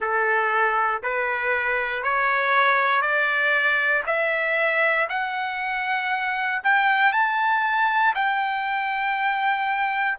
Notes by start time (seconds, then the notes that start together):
0.00 A4
1.02 B4
2.03 C#5
3.01 D5
4.06 E5
5.08 F#5
6.63 G5
7.12 A5
8.14 G5